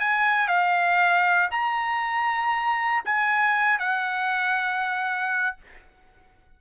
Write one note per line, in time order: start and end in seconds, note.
0.00 0.48 G#5
0.48 1.50 F5
1.51 3.03 A#5
3.05 3.79 G#5
3.79 5.57 F#5